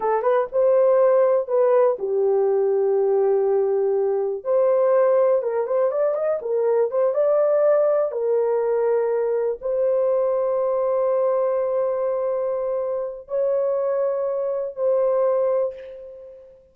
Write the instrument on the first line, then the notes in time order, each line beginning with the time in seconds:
horn
0.00 A4
0.22 B4
0.52 C5
1.47 B4
1.98 G4
4.44 C5
5.42 A#4
5.66 C5
5.91 D5
6.14 D#5
6.41 A#4
6.90 C5
7.14 D5
8.11 A#4
9.61 C5
13.28 C#5
14.75 C5